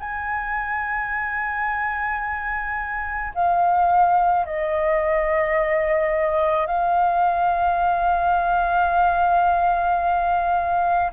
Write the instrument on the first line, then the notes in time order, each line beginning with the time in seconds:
flute
0.00 G#5
3.35 F5
4.46 D#5
6.67 F5